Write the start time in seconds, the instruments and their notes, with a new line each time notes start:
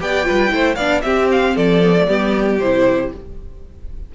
0.00 cello B3, viola G4, violin D5 G5
0.23 viola F4, violin B4
0.30 cello G3
0.48 cello A3, viola E4, violin C5
0.75 cello B3, viola D4, violin D5 F5
1.01 viola C4, cello C4, violin G4 E5
1.31 violin F5
1.55 cello F3, violin A4 D5
1.83 viola B3
1.98 viola A3
2.07 cello G3, viola B3, violin G4
2.59 cello C3, viola E4, violin C5